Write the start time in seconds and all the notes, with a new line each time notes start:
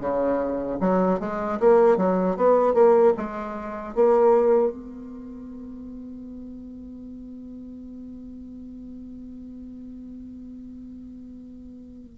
0.00 C#3
0.80 F#3
1.20 G#3
1.59 A#3
1.97 F#3
2.36 B3
2.74 A#3
3.17 G#3
3.95 A#3
4.71 B3